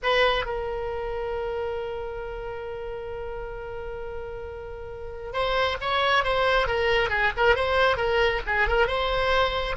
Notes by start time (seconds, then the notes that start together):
0.02 B4
0.45 A#4
5.33 C5
5.80 C#5
6.23 C5
6.67 A#4
7.09 G#4
7.36 A#4
7.55 C5
7.96 A#4
8.46 G#4
8.67 A#4
8.87 C5